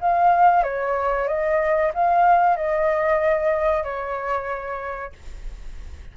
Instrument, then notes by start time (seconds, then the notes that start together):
flute
0.00 F5
0.63 C#5
1.27 D#5
1.94 F5
2.56 D#5
3.83 C#5